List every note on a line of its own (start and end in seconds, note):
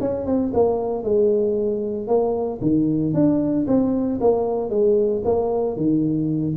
0.00 0.26 C#4
0.26 0.52 C4
0.53 1.03 A#3
1.03 2.07 G#3
2.07 2.60 A#3
2.61 3.13 D#3
3.13 3.66 D4
3.67 4.20 C4
4.20 4.70 A#3
4.70 5.22 G#3
5.24 5.76 A#3
5.76 6.55 D#3